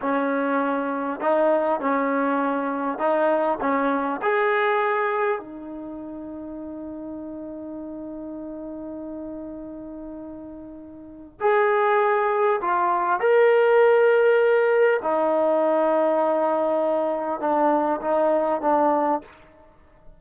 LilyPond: \new Staff \with { instrumentName = "trombone" } { \time 4/4 \tempo 4 = 100 cis'2 dis'4 cis'4~ | cis'4 dis'4 cis'4 gis'4~ | gis'4 dis'2.~ | dis'1~ |
dis'2. gis'4~ | gis'4 f'4 ais'2~ | ais'4 dis'2.~ | dis'4 d'4 dis'4 d'4 | }